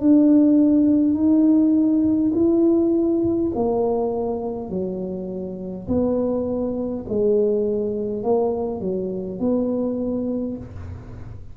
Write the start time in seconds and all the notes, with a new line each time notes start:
0.00 D4
1.14 D#4
2.34 E4
3.56 A#3
4.70 F#3
5.88 B3
7.09 G#3
8.23 A#3
8.81 F#3
9.40 B3